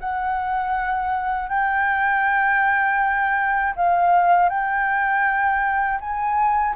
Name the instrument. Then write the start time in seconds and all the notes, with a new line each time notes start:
flute
0.00 F#5
1.49 G5
3.76 F5
4.49 G5
6.00 G#5